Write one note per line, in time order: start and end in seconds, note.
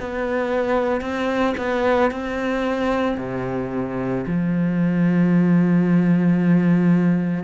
0.00 1.01 B3
1.01 1.55 C4
1.58 2.11 B3
2.11 3.18 C4
3.18 4.25 C3
4.27 7.44 F3